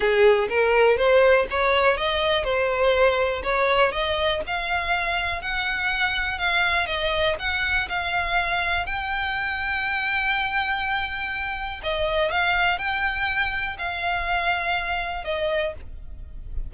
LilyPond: \new Staff \with { instrumentName = "violin" } { \time 4/4 \tempo 4 = 122 gis'4 ais'4 c''4 cis''4 | dis''4 c''2 cis''4 | dis''4 f''2 fis''4~ | fis''4 f''4 dis''4 fis''4 |
f''2 g''2~ | g''1 | dis''4 f''4 g''2 | f''2. dis''4 | }